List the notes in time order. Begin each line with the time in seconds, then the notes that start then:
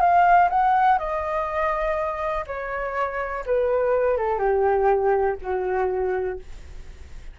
0.00 F5
0.49 F#5
0.98 D#5
2.47 C#5
3.46 B4
4.17 A4
4.39 G4
5.42 F#4